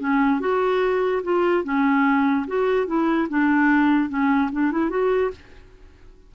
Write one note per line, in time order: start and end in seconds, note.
0.00 0.41 C#4
0.41 1.23 F#4
1.24 1.64 F4
1.64 2.47 C#4
2.48 2.87 F#4
2.87 3.28 E4
3.30 4.09 D4
4.09 4.51 C#4
4.52 4.72 D4
4.72 4.90 E4
4.90 5.31 F#4